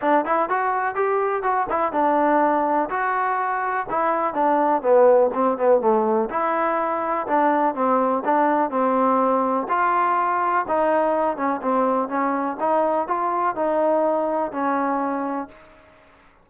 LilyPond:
\new Staff \with { instrumentName = "trombone" } { \time 4/4 \tempo 4 = 124 d'8 e'8 fis'4 g'4 fis'8 e'8 | d'2 fis'2 | e'4 d'4 b4 c'8 b8 | a4 e'2 d'4 |
c'4 d'4 c'2 | f'2 dis'4. cis'8 | c'4 cis'4 dis'4 f'4 | dis'2 cis'2 | }